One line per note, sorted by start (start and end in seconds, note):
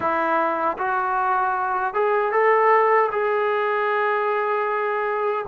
0.00 0.77 E4
0.78 1.94 F#4
1.94 2.32 G#4
2.32 3.10 A4
3.11 5.45 G#4